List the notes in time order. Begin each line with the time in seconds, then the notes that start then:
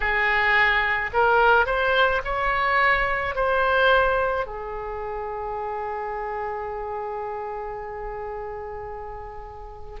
0.00 G#4
1.13 A#4
1.66 C5
2.24 C#5
3.35 C5
4.46 G#4